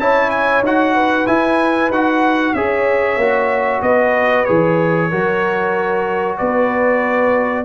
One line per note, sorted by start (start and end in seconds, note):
0.00 0.62 C#4
0.00 0.64 E4
0.00 0.95 C#5
0.00 0.31 A5
0.31 0.63 G#5
0.62 1.26 D#4
0.62 1.27 F#4
0.62 1.27 F#5
0.95 2.54 B4
1.27 1.91 E4
1.27 1.90 E4
1.27 1.91 G#5
1.90 2.54 D#4
1.90 2.57 F#4
1.90 2.54 F#5
2.54 3.17 C#4
2.54 3.21 G#4
2.54 3.84 C#5
2.54 3.82 E5
3.17 3.81 A#3
3.17 4.47 F#4
3.82 4.46 B3
3.82 5.10 B4
3.82 4.45 D#5
4.45 5.12 E3
4.45 5.11 G#4
4.45 6.37 C#5
5.10 6.40 F#3
5.10 7.65 F#4
5.10 6.38 A#4
6.38 7.65 B3
6.38 7.65 B4
6.38 7.65 D5